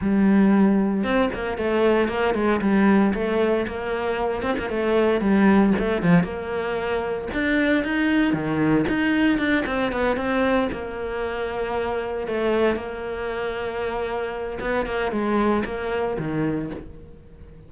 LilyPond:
\new Staff \with { instrumentName = "cello" } { \time 4/4 \tempo 4 = 115 g2 c'8 ais8 a4 | ais8 gis8 g4 a4 ais4~ | ais8 c'16 ais16 a4 g4 a8 f8 | ais2 d'4 dis'4 |
dis4 dis'4 d'8 c'8 b8 c'8~ | c'8 ais2. a8~ | a8 ais2.~ ais8 | b8 ais8 gis4 ais4 dis4 | }